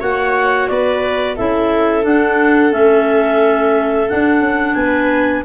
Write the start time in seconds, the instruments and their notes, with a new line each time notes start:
0.00 tuba A#3, clarinet F#4 F#5, viola C#5
0.68 tuba B3, viola B4, clarinet D5
1.36 tuba C#4, clarinet E4 E5, viola A4
2.03 clarinet D4 F#5, tuba D4
2.71 tuba A3, clarinet C#4 E5
4.09 clarinet D4 F#5, tuba D4
4.40 tuba C#4
4.75 tuba B3, viola B4, clarinet G#5